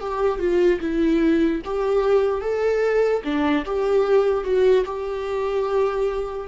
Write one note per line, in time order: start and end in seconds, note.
0.00 0.39 G4
0.39 0.79 F4
0.80 1.61 E4
1.64 2.41 G4
2.41 3.22 A4
3.24 3.64 D4
3.65 4.44 G4
4.44 4.85 F#4
4.85 6.48 G4